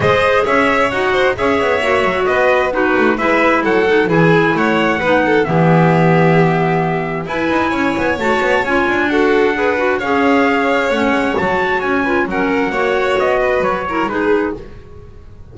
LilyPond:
<<
  \new Staff \with { instrumentName = "trumpet" } { \time 4/4 \tempo 4 = 132 dis''4 e''4 fis''4 e''4~ | e''4 dis''4 b'4 e''4 | fis''4 gis''4 fis''2 | e''1 |
gis''2 a''4 gis''4 | fis''2 f''2 | fis''4 a''4 gis''4 fis''4~ | fis''4 dis''4 cis''4 b'4 | }
  \new Staff \with { instrumentName = "violin" } { \time 4/4 c''4 cis''4. c''8 cis''4~ | cis''4 b'4 fis'4 b'4 | a'4 gis'4 cis''4 b'8 a'8 | g'1 |
b'4 cis''2. | a'4 b'4 cis''2~ | cis''2~ cis''8 b'8 ais'4 | cis''4. b'4 ais'8 gis'4 | }
  \new Staff \with { instrumentName = "clarinet" } { \time 4/4 gis'2 fis'4 gis'4 | fis'2 dis'4 e'4~ | e'8 dis'8 e'2 dis'4 | b1 |
e'2 fis'4 f'4 | fis'4 gis'8 fis'8 gis'2 | cis'4 fis'4. f'8 cis'4 | fis'2~ fis'8 e'8 dis'4 | }
  \new Staff \with { instrumentName = "double bass" } { \time 4/4 gis4 cis'4 dis'4 cis'8 b8 | ais8 fis8 b4. a8 gis4 | fis4 e4 a4 b4 | e1 |
e'8 dis'8 cis'8 b8 a8 b8 cis'8 d'8~ | d'2 cis'2 | a8 gis8 fis4 cis'4 fis4 | ais4 b4 fis4 gis4 | }
>>